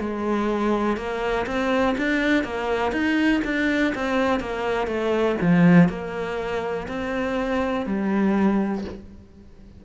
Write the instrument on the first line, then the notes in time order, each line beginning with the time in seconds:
cello
0.00 G#3
0.97 A#3
1.47 C4
1.98 D4
2.45 A#3
2.92 D#4
3.45 D4
3.95 C4
4.40 A#3
4.87 A3
5.42 F3
5.89 A#3
6.89 C4
7.86 G3